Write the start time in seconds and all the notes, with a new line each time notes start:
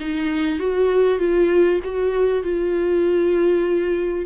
0.00 D#4
0.59 F#4
1.19 F4
1.84 F#4
2.43 F4